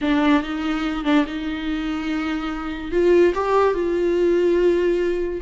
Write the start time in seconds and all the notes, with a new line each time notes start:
0.01 D4
0.42 D#4
1.04 D4
1.26 D#4
2.91 F4
3.34 G4
3.74 F4